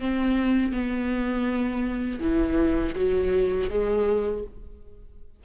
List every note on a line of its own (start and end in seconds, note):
0.00 0.72 C4
0.72 2.20 B3
2.20 2.94 E3
2.96 3.70 F#3
3.70 4.44 G#3